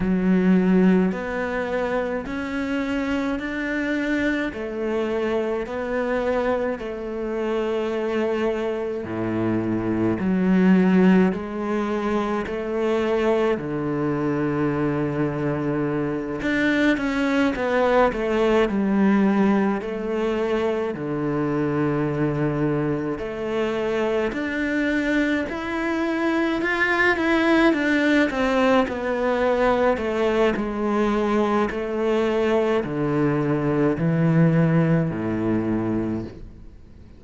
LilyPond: \new Staff \with { instrumentName = "cello" } { \time 4/4 \tempo 4 = 53 fis4 b4 cis'4 d'4 | a4 b4 a2 | a,4 fis4 gis4 a4 | d2~ d8 d'8 cis'8 b8 |
a8 g4 a4 d4.~ | d8 a4 d'4 e'4 f'8 | e'8 d'8 c'8 b4 a8 gis4 | a4 d4 e4 a,4 | }